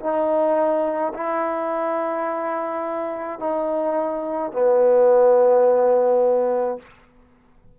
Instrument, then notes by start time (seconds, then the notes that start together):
trombone
0.00 D#4
1.14 E4
3.40 D#4
4.52 B3